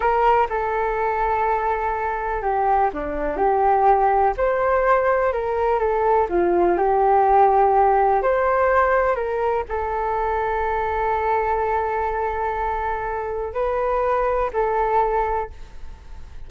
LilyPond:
\new Staff \with { instrumentName = "flute" } { \time 4/4 \tempo 4 = 124 ais'4 a'2.~ | a'4 g'4 d'4 g'4~ | g'4 c''2 ais'4 | a'4 f'4 g'2~ |
g'4 c''2 ais'4 | a'1~ | a'1 | b'2 a'2 | }